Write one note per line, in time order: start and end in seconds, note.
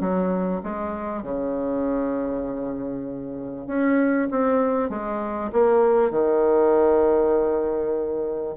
0.00 0.61 F#3
0.63 1.22 G#3
1.22 3.67 C#3
3.67 4.28 C#4
4.31 4.89 C4
4.89 5.50 G#3
5.52 6.10 A#3
6.10 8.55 D#3